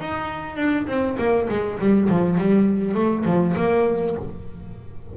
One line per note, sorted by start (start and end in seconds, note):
0.00 0.56 D#4
0.56 0.86 D4
0.87 1.16 C4
1.18 1.48 A#3
1.49 1.79 G#3
1.79 2.09 G3
2.09 2.38 F3
2.38 2.95 G3
2.95 3.24 A3
3.25 3.55 F3
3.56 4.16 A#3